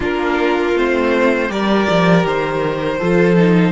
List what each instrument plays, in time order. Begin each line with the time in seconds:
0.00 cello A#3, viola D4, violin F4 A#4
0.75 cello A3, viola C4, violin C5
1.49 cello G3, viola G4, violin A#4 D5
1.89 cello F3
2.24 cello D#3, violin C5
2.98 cello F3, viola F4, violin A4
3.36 viola D#4